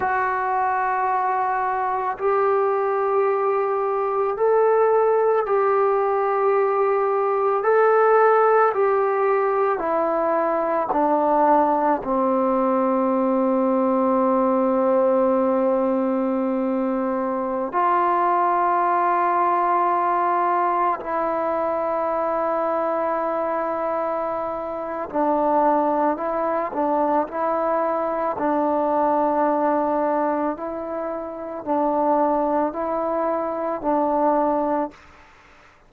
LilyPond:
\new Staff \with { instrumentName = "trombone" } { \time 4/4 \tempo 4 = 55 fis'2 g'2 | a'4 g'2 a'4 | g'4 e'4 d'4 c'4~ | c'1~ |
c'16 f'2. e'8.~ | e'2. d'4 | e'8 d'8 e'4 d'2 | e'4 d'4 e'4 d'4 | }